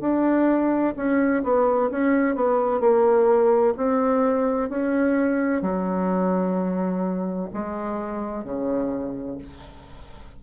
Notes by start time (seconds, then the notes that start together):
0.00 D4
0.96 C#4
1.43 B3
1.90 C#4
2.35 B3
2.80 A#3
3.77 C4
4.69 C#4
5.62 F#3
7.53 G#3
8.44 C#3